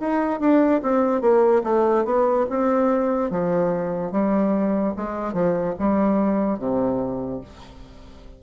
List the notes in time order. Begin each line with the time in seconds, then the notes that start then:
0.00 D#4
0.40 D4
0.83 C4
1.21 A#3
1.64 A3
2.05 B3
2.50 C4
3.30 F3
4.11 G3
4.96 G#3
5.33 F3
5.79 G3
6.59 C3